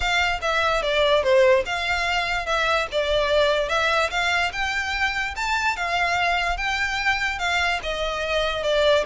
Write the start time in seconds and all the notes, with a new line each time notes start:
0.00 F5
0.41 E5
0.82 D5
1.23 C5
1.65 F5
2.46 E5
2.91 D5
3.69 E5
4.10 F5
4.52 G5
5.36 A5
5.76 F5
6.57 G5
7.38 F5
7.82 D#5
8.63 D5